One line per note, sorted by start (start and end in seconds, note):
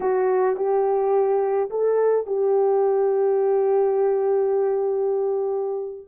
0.00 0.56 F#4
0.56 1.69 G4
1.70 2.26 A4
2.26 6.07 G4